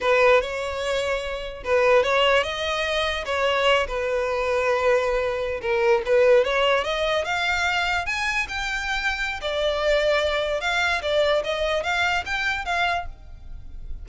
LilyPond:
\new Staff \with { instrumentName = "violin" } { \time 4/4 \tempo 4 = 147 b'4 cis''2. | b'4 cis''4 dis''2 | cis''4. b'2~ b'8~ | b'4.~ b'16 ais'4 b'4 cis''16~ |
cis''8. dis''4 f''2 gis''16~ | gis''8. g''2~ g''16 d''4~ | d''2 f''4 d''4 | dis''4 f''4 g''4 f''4 | }